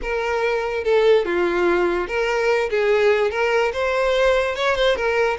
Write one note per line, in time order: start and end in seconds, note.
0.02 0.84 A#4
0.84 1.25 A4
1.25 2.07 F4
2.07 2.69 A#4
2.70 3.30 G#4
3.30 3.72 A#4
3.73 4.55 C5
4.55 4.75 C#5
4.75 4.95 C5
4.95 5.37 A#4